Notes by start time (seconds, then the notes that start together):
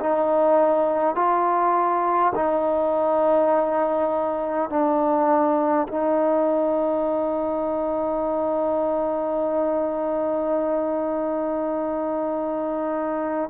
0.00 D#4
1.15 F4
2.35 D#4
4.69 D4
5.88 D#4